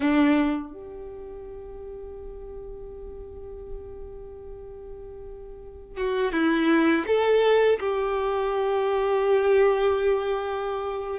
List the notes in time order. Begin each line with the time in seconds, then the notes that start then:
0.00 D4
0.72 G4
5.96 F#4
6.32 E4
7.06 A4
7.79 G4